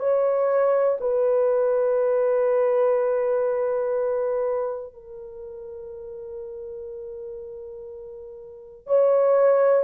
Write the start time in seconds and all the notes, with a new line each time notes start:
0.00 C#5
1.01 B4
4.94 A#4
8.87 C#5